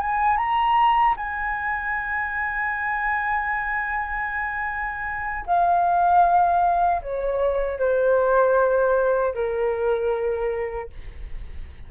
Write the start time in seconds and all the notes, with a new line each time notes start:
0.00 G#5
0.37 A#5
1.17 G#5
5.46 F5
7.02 C#5
7.79 C5
9.34 A#4